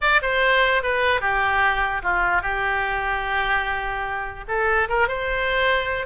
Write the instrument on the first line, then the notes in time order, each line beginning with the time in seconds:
oboe
0.01 D5
0.22 C5
0.83 B4
1.20 G4
2.02 F4
2.41 G4
4.48 A4
4.88 A#4
5.08 C5